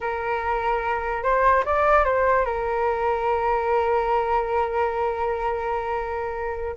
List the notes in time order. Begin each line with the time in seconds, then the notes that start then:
0.00 A#4
1.23 C5
1.65 D5
2.04 C5
2.45 A#4